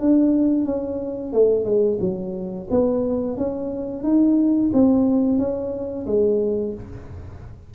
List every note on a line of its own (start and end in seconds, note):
0.00 0.65 D4
0.65 1.33 C#4
1.33 1.65 A3
1.65 1.99 G#3
2.01 2.68 F#3
2.71 3.37 B3
3.37 4.04 C#4
4.04 4.71 D#4
4.73 5.39 C4
5.39 6.06 C#4
6.07 6.74 G#3